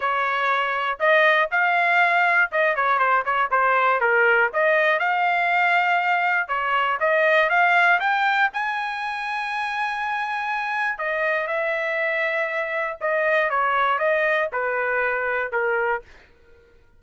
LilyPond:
\new Staff \with { instrumentName = "trumpet" } { \time 4/4 \tempo 4 = 120 cis''2 dis''4 f''4~ | f''4 dis''8 cis''8 c''8 cis''8 c''4 | ais'4 dis''4 f''2~ | f''4 cis''4 dis''4 f''4 |
g''4 gis''2.~ | gis''2 dis''4 e''4~ | e''2 dis''4 cis''4 | dis''4 b'2 ais'4 | }